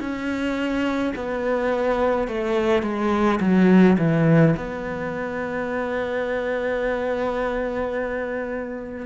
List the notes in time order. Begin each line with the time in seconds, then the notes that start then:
0.00 C#4
1.16 B3
2.28 A3
2.83 G#3
3.41 F#3
3.99 E3
4.57 B3